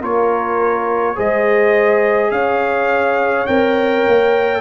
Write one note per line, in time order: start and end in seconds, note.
0.00 1.16 A#3
0.00 1.15 F4
0.00 1.15 A#4
0.00 1.19 C#5
1.15 2.31 G#3
1.15 3.46 G#4
1.15 2.31 C5
1.15 2.31 D#5
2.31 3.46 C#4
2.31 4.61 C#5
2.31 3.46 F5
3.46 4.06 C4
3.46 4.61 A#4
3.46 4.61 G5
4.07 4.61 A#3